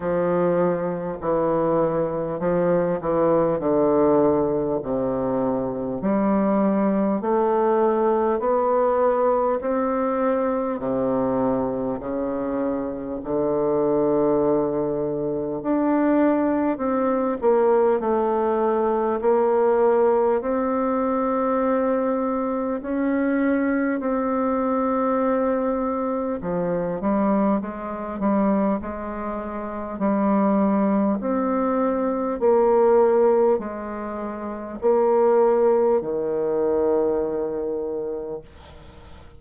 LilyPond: \new Staff \with { instrumentName = "bassoon" } { \time 4/4 \tempo 4 = 50 f4 e4 f8 e8 d4 | c4 g4 a4 b4 | c'4 c4 cis4 d4~ | d4 d'4 c'8 ais8 a4 |
ais4 c'2 cis'4 | c'2 f8 g8 gis8 g8 | gis4 g4 c'4 ais4 | gis4 ais4 dis2 | }